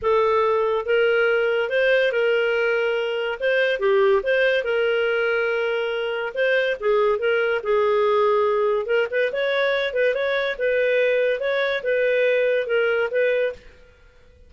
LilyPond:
\new Staff \with { instrumentName = "clarinet" } { \time 4/4 \tempo 4 = 142 a'2 ais'2 | c''4 ais'2. | c''4 g'4 c''4 ais'4~ | ais'2. c''4 |
gis'4 ais'4 gis'2~ | gis'4 ais'8 b'8 cis''4. b'8 | cis''4 b'2 cis''4 | b'2 ais'4 b'4 | }